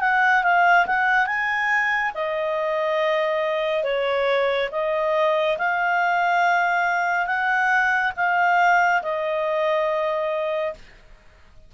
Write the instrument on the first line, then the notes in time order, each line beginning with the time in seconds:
clarinet
0.00 F#5
0.43 F5
0.86 F#5
1.26 G#5
2.14 D#5
3.83 C#5
4.71 D#5
5.58 F5
7.26 F#5
8.16 F5
9.02 D#5